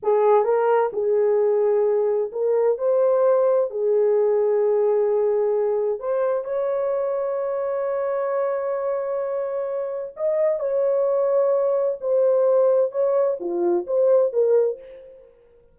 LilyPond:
\new Staff \with { instrumentName = "horn" } { \time 4/4 \tempo 4 = 130 gis'4 ais'4 gis'2~ | gis'4 ais'4 c''2 | gis'1~ | gis'4 c''4 cis''2~ |
cis''1~ | cis''2 dis''4 cis''4~ | cis''2 c''2 | cis''4 f'4 c''4 ais'4 | }